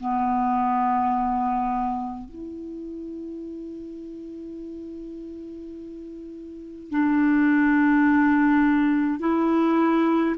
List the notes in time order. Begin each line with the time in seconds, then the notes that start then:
0.00 B3
2.29 E4
6.91 D4
9.20 E4